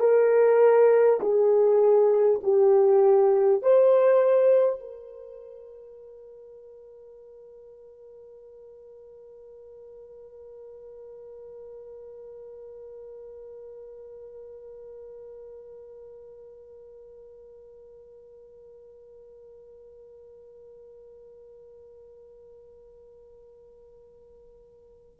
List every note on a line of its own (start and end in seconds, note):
0.00 1.20 A#4
1.21 2.41 G#4
2.43 3.63 G4
3.63 4.80 C5
4.80 25.20 A#4